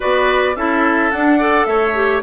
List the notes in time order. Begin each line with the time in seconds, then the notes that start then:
0.00 B3 F#4 B4 D5
0.56 C#4 E4 A4 E5
1.10 D4 F#5
1.38 A4 D5
1.65 A3 C#5 E5
1.94 G4